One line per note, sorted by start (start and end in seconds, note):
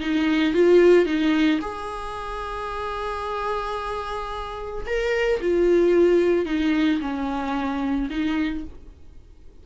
0.00 0.54 D#4
0.54 1.06 F4
1.06 1.60 D#4
1.61 4.86 G#4
4.86 5.40 A#4
5.41 6.46 F4
6.46 7.00 D#4
7.00 8.09 C#4
8.10 8.64 D#4